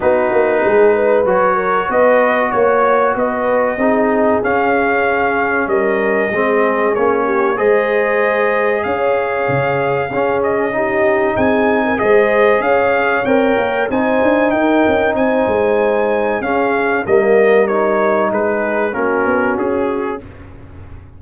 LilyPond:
<<
  \new Staff \with { instrumentName = "trumpet" } { \time 4/4 \tempo 4 = 95 b'2 cis''4 dis''4 | cis''4 dis''2 f''4~ | f''4 dis''2 cis''4 | dis''2 f''2~ |
f''8 dis''4. gis''4 dis''4 | f''4 g''4 gis''4 g''4 | gis''2 f''4 dis''4 | cis''4 b'4 ais'4 gis'4 | }
  \new Staff \with { instrumentName = "horn" } { \time 4/4 fis'4 gis'8 b'4 ais'8 b'4 | cis''4 b'4 gis'2~ | gis'4 ais'4 gis'4. g'8 | c''2 cis''2 |
gis'4 g'4 gis'8. ais'16 c''4 | cis''2 c''4 ais'4 | c''2 gis'4 ais'4~ | ais'4 gis'4 fis'2 | }
  \new Staff \with { instrumentName = "trombone" } { \time 4/4 dis'2 fis'2~ | fis'2 dis'4 cis'4~ | cis'2 c'4 cis'4 | gis'1 |
cis'4 dis'2 gis'4~ | gis'4 ais'4 dis'2~ | dis'2 cis'4 ais4 | dis'2 cis'2 | }
  \new Staff \with { instrumentName = "tuba" } { \time 4/4 b8 ais8 gis4 fis4 b4 | ais4 b4 c'4 cis'4~ | cis'4 g4 gis4 ais4 | gis2 cis'4 cis4 |
cis'2 c'4 gis4 | cis'4 c'8 ais8 c'8 d'8 dis'8 cis'8 | c'8 gis4. cis'4 g4~ | g4 gis4 ais8 b8 cis'4 | }
>>